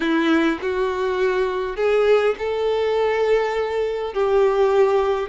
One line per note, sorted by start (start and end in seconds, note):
0.00 0.59 E4
0.61 1.76 F#4
1.76 2.35 G#4
2.38 4.13 A4
4.13 5.29 G4